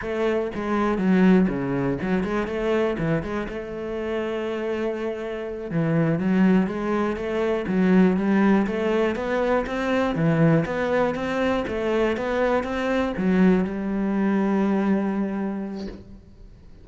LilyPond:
\new Staff \with { instrumentName = "cello" } { \time 4/4 \tempo 4 = 121 a4 gis4 fis4 cis4 | fis8 gis8 a4 e8 gis8 a4~ | a2.~ a8 e8~ | e8 fis4 gis4 a4 fis8~ |
fis8 g4 a4 b4 c'8~ | c'8 e4 b4 c'4 a8~ | a8 b4 c'4 fis4 g8~ | g1 | }